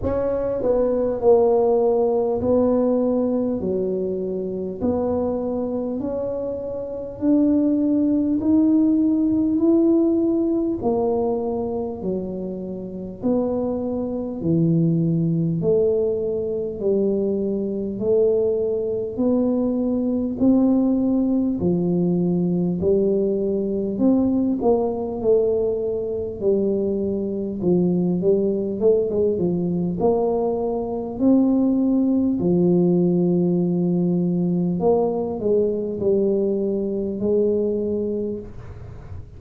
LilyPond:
\new Staff \with { instrumentName = "tuba" } { \time 4/4 \tempo 4 = 50 cis'8 b8 ais4 b4 fis4 | b4 cis'4 d'4 dis'4 | e'4 ais4 fis4 b4 | e4 a4 g4 a4 |
b4 c'4 f4 g4 | c'8 ais8 a4 g4 f8 g8 | a16 gis16 f8 ais4 c'4 f4~ | f4 ais8 gis8 g4 gis4 | }